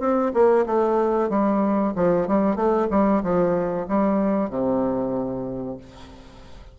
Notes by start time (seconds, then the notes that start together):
0.00 C4
0.34 A#3
0.66 A3
1.30 G3
1.95 F3
2.27 G3
2.56 A3
2.91 G3
3.23 F3
3.88 G3
4.50 C3